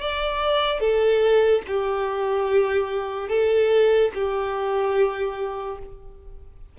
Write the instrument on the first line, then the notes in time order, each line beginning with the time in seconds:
violin
0.00 D5
0.80 A4
1.67 G4
3.28 A4
4.14 G4